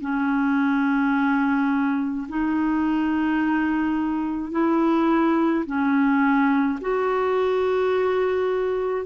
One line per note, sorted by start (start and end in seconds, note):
0.00 2.26 C#4
2.28 4.51 D#4
4.51 5.64 E4
5.66 6.79 C#4
6.80 9.06 F#4